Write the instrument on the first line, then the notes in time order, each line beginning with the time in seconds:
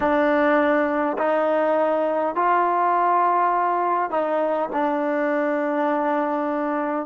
trombone
0.00 D4
1.18 D#4
2.35 F4
4.10 D#4
4.72 D4